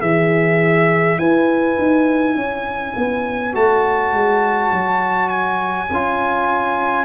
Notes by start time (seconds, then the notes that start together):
0.00 E3 E4 G#4 E5
1.18 E4 B4 G#5
1.78 D#4
2.34 C#4 C#5
2.95 B3
3.52 A3 F#4 A5
4.12 G#3
4.72 F#3
5.28 G#5
5.90 C#4 F4